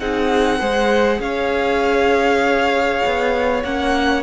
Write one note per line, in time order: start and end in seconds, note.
0.00 0.61 C4
0.00 0.60 D#4
0.00 0.59 G#4
0.00 1.21 F#5
0.59 1.20 G#3
0.59 3.63 G#4
0.59 1.20 C5
1.20 3.02 C#4
1.20 4.23 C#5
1.20 3.64 F5
3.05 3.64 B3
3.64 4.23 A#3
3.64 4.23 C#4
3.64 4.23 F#5